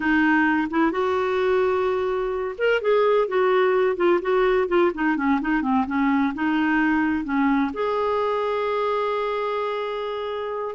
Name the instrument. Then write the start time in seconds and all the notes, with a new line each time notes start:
clarinet
0.00 D#4
0.70 E4
0.91 F#4
2.58 A#4
2.81 G#4
3.28 F#4
3.96 F4
4.21 F#4
4.68 F4
4.94 D#4
5.16 C#4
5.41 D#4
5.62 C4
5.86 C#4
6.34 D#4
7.24 C#4
7.73 G#4